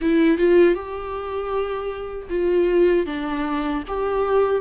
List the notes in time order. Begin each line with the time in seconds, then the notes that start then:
0.01 E4
0.38 F4
0.74 G4
2.29 F4
3.06 D4
3.87 G4